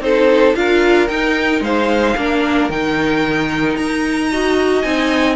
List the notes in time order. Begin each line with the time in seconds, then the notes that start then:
0.00 C4 D#4 A4 C5
0.55 D4 F4 A#4 F5
1.08 D#4 G5
1.60 G#3 C5 F5
2.17 A#3 D4 A#4
2.69 D#3 D#4 G5
3.76 D#4 A#5
4.31 F#4 D#5
4.82 C4 D#4 G#5